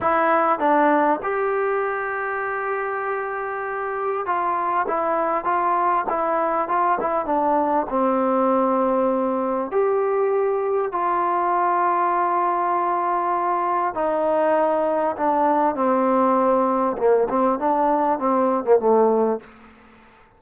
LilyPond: \new Staff \with { instrumentName = "trombone" } { \time 4/4 \tempo 4 = 99 e'4 d'4 g'2~ | g'2. f'4 | e'4 f'4 e'4 f'8 e'8 | d'4 c'2. |
g'2 f'2~ | f'2. dis'4~ | dis'4 d'4 c'2 | ais8 c'8 d'4 c'8. ais16 a4 | }